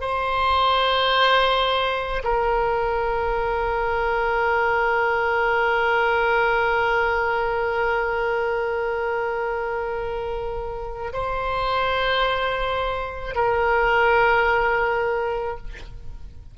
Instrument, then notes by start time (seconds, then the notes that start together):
oboe
0.00 C5
2.23 A#4
11.13 C5
13.35 A#4